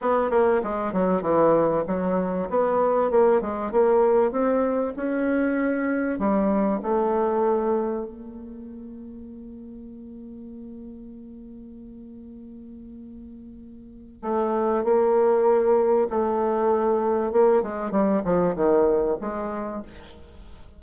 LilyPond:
\new Staff \with { instrumentName = "bassoon" } { \time 4/4 \tempo 4 = 97 b8 ais8 gis8 fis8 e4 fis4 | b4 ais8 gis8 ais4 c'4 | cis'2 g4 a4~ | a4 ais2.~ |
ais1~ | ais2. a4 | ais2 a2 | ais8 gis8 g8 f8 dis4 gis4 | }